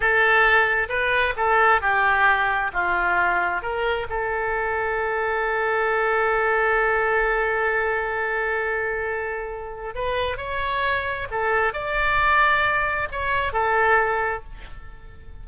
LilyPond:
\new Staff \with { instrumentName = "oboe" } { \time 4/4 \tempo 4 = 133 a'2 b'4 a'4 | g'2 f'2 | ais'4 a'2.~ | a'1~ |
a'1~ | a'2 b'4 cis''4~ | cis''4 a'4 d''2~ | d''4 cis''4 a'2 | }